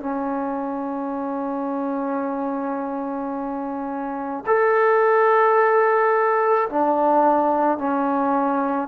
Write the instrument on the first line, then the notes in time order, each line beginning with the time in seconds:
trombone
0.00 C#4
4.46 A4
6.70 D4
7.78 C#4